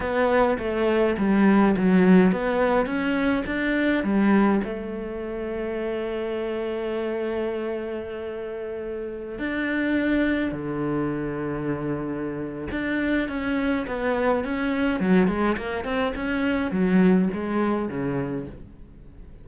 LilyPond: \new Staff \with { instrumentName = "cello" } { \time 4/4 \tempo 4 = 104 b4 a4 g4 fis4 | b4 cis'4 d'4 g4 | a1~ | a1~ |
a16 d'2 d4.~ d16~ | d2 d'4 cis'4 | b4 cis'4 fis8 gis8 ais8 c'8 | cis'4 fis4 gis4 cis4 | }